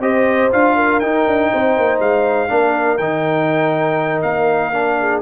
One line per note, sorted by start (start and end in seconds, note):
0.00 0.50 C4
0.00 0.51 G4
0.00 0.76 C5
0.00 0.52 D#5
0.52 1.02 D4
0.52 1.02 F4
0.52 1.00 F5
0.76 1.50 A#4
1.00 1.26 D#4
1.00 2.49 D#4
1.00 1.99 G5
1.27 1.52 D4
1.52 1.78 C4
1.52 2.51 C5
1.78 2.00 A#3
2.00 2.49 G#3
2.00 2.98 F5
2.49 2.99 A#3
2.49 2.98 D4
2.49 5.00 A#4
2.98 4.23 D#3
2.98 4.73 D#4
2.98 4.22 G5
4.22 5.23 A#3
4.22 5.21 F5
4.73 5.23 D4
5.00 5.23 G#4